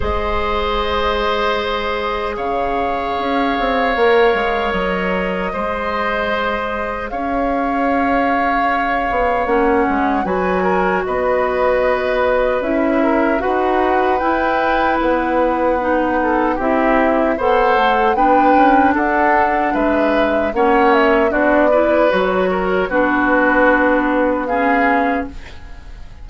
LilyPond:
<<
  \new Staff \with { instrumentName = "flute" } { \time 4/4 \tempo 4 = 76 dis''2. f''4~ | f''2 dis''2~ | dis''4 f''2. | fis''4 gis''4 dis''2 |
e''4 fis''4 g''4 fis''4~ | fis''4 e''4 fis''4 g''4 | fis''4 e''4 fis''8 e''8 d''4 | cis''4 b'2 f''4 | }
  \new Staff \with { instrumentName = "oboe" } { \time 4/4 c''2. cis''4~ | cis''2. c''4~ | c''4 cis''2.~ | cis''4 b'8 ais'8 b'2~ |
b'8 ais'8 b'2.~ | b'8 a'8 g'4 c''4 b'4 | a'4 b'4 cis''4 fis'8 b'8~ | b'8 ais'8 fis'2 gis'4 | }
  \new Staff \with { instrumentName = "clarinet" } { \time 4/4 gis'1~ | gis'4 ais'2 gis'4~ | gis'1 | cis'4 fis'2. |
e'4 fis'4 e'2 | dis'4 e'4 a'4 d'4~ | d'2 cis'4 d'8 e'8 | fis'4 d'2 cis'4 | }
  \new Staff \with { instrumentName = "bassoon" } { \time 4/4 gis2. cis4 | cis'8 c'8 ais8 gis8 fis4 gis4~ | gis4 cis'2~ cis'8 b8 | ais8 gis8 fis4 b2 |
cis'4 dis'4 e'4 b4~ | b4 c'4 b8 a8 b8 cis'8 | d'4 gis4 ais4 b4 | fis4 b2. | }
>>